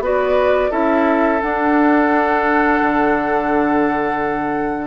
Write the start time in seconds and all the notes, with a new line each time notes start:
0.00 B3 F#4 B4 D5
0.70 C#4 E4 A4 E5
1.41 D4 F#5
2.82 D3